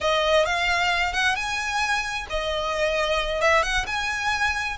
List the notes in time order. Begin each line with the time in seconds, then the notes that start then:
0.01 D#5
0.45 F5
1.13 F#5
1.35 G#5
2.29 D#5
3.41 E5
3.62 F#5
3.86 G#5